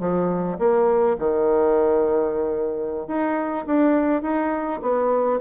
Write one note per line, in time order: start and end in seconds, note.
0.00 0.58 F3
0.59 1.17 A#3
1.19 3.07 D#3
3.07 3.66 D#4
3.66 4.22 D4
4.22 4.81 D#4
4.82 5.40 B3